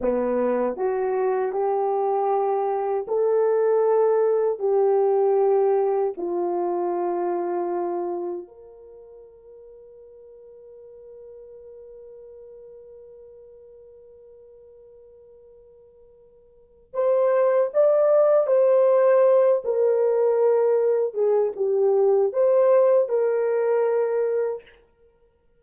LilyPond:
\new Staff \with { instrumentName = "horn" } { \time 4/4 \tempo 4 = 78 b4 fis'4 g'2 | a'2 g'2 | f'2. ais'4~ | ais'1~ |
ais'1~ | ais'2 c''4 d''4 | c''4. ais'2 gis'8 | g'4 c''4 ais'2 | }